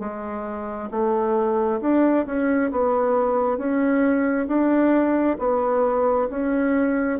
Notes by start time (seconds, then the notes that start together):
0.00 G#3
0.91 A3
1.81 D4
2.26 C#4
2.71 B3
3.57 C#4
4.48 D4
5.39 B3
6.30 C#4